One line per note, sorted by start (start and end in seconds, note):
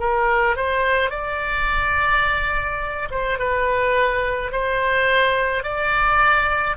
0.00 0.57 A#4
0.57 1.11 C5
1.11 3.09 D5
3.11 3.39 C5
3.39 4.52 B4
4.52 5.63 C5
5.63 6.77 D5